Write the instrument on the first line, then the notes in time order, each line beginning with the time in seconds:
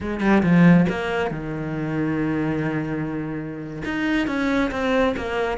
cello
0.01 G#3
0.20 G3
0.42 F3
0.89 A#3
1.30 D#3
3.84 D#4
4.27 C#4
4.71 C4
5.17 A#3